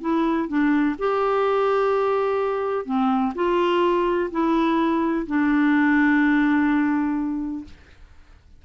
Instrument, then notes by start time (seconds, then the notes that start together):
clarinet
0.00 E4
0.48 D4
0.98 G4
2.85 C4
3.34 F4
4.31 E4
5.26 D4